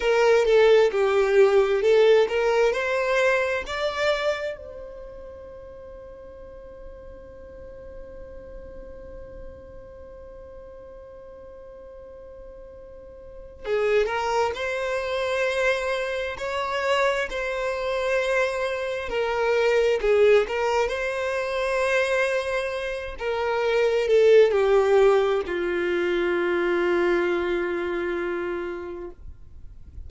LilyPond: \new Staff \with { instrumentName = "violin" } { \time 4/4 \tempo 4 = 66 ais'8 a'8 g'4 a'8 ais'8 c''4 | d''4 c''2.~ | c''1~ | c''2. gis'8 ais'8 |
c''2 cis''4 c''4~ | c''4 ais'4 gis'8 ais'8 c''4~ | c''4. ais'4 a'8 g'4 | f'1 | }